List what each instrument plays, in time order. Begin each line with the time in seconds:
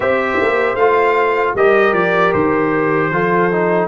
0.00 tuba C4, trombone G4, horn C5, trumpet E5
0.41 tuba A#3
0.75 tuba A3, trombone F4, trumpet F5
1.54 tuba G3, trombone G4, horn A#4, trumpet D#5
1.93 tuba F3, trumpet D5
2.33 tuba D#3, trumpet C5
3.11 tuba F3, trombone F4, horn A4
3.52 trombone D#4